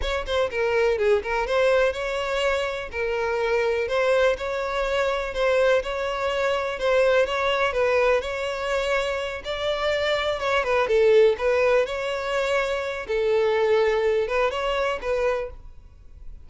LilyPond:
\new Staff \with { instrumentName = "violin" } { \time 4/4 \tempo 4 = 124 cis''8 c''8 ais'4 gis'8 ais'8 c''4 | cis''2 ais'2 | c''4 cis''2 c''4 | cis''2 c''4 cis''4 |
b'4 cis''2~ cis''8 d''8~ | d''4. cis''8 b'8 a'4 b'8~ | b'8 cis''2~ cis''8 a'4~ | a'4. b'8 cis''4 b'4 | }